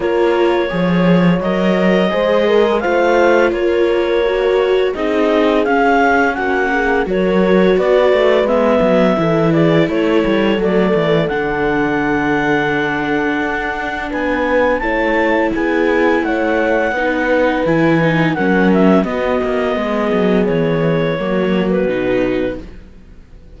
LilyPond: <<
  \new Staff \with { instrumentName = "clarinet" } { \time 4/4 \tempo 4 = 85 cis''2 dis''2 | f''4 cis''2 dis''4 | f''4 fis''4 cis''4 d''4 | e''4. d''8 cis''4 d''4 |
fis''1 | gis''4 a''4 gis''4 fis''4~ | fis''4 gis''4 fis''8 e''8 dis''4~ | dis''4 cis''4.~ cis''16 b'4~ b'16 | }
  \new Staff \with { instrumentName = "horn" } { \time 4/4 ais'4 cis''2 c''8 ais'8 | c''4 ais'2 gis'4~ | gis'4 fis'8 gis'8 ais'4 b'4~ | b'4 a'8 gis'8 a'2~ |
a'1 | b'4 cis''4 gis'4 cis''4 | b'2 ais'4 fis'4 | gis'2 fis'2 | }
  \new Staff \with { instrumentName = "viola" } { \time 4/4 f'4 gis'4 ais'4 gis'4 | f'2 fis'4 dis'4 | cis'2 fis'2 | b4 e'2 a4 |
d'1~ | d'4 e'2. | dis'4 e'8 dis'8 cis'4 b4~ | b2 ais4 dis'4 | }
  \new Staff \with { instrumentName = "cello" } { \time 4/4 ais4 f4 fis4 gis4 | a4 ais2 c'4 | cis'4 ais4 fis4 b8 a8 | gis8 fis8 e4 a8 g8 fis8 e8 |
d2. d'4 | b4 a4 b4 a4 | b4 e4 fis4 b8 ais8 | gis8 fis8 e4 fis4 b,4 | }
>>